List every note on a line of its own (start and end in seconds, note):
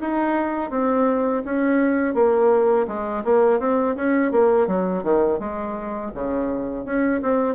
0.00 0.70 D#4
0.70 1.43 C4
1.44 2.14 C#4
2.14 2.86 A#3
2.87 3.23 G#3
3.24 3.59 A#3
3.59 3.95 C4
3.96 4.31 C#4
4.31 4.67 A#3
4.67 5.03 F#3
5.03 5.39 D#3
5.39 6.11 G#3
6.14 6.85 C#3
6.85 7.21 C#4
7.22 7.55 C4